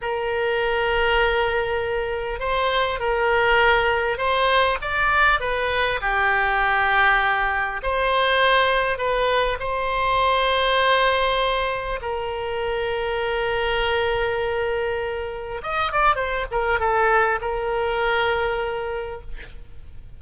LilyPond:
\new Staff \with { instrumentName = "oboe" } { \time 4/4 \tempo 4 = 100 ais'1 | c''4 ais'2 c''4 | d''4 b'4 g'2~ | g'4 c''2 b'4 |
c''1 | ais'1~ | ais'2 dis''8 d''8 c''8 ais'8 | a'4 ais'2. | }